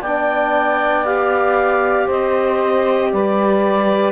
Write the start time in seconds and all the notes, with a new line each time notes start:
0.00 B3 D4 D5 G5
1.05 G4 F5
2.06 C4 C5 D#5
3.12 G3 B4 D5